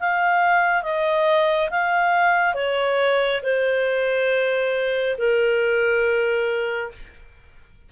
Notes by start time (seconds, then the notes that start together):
0.00 F5
0.83 D#5
1.70 F5
2.54 C#5
3.43 C5
5.18 A#4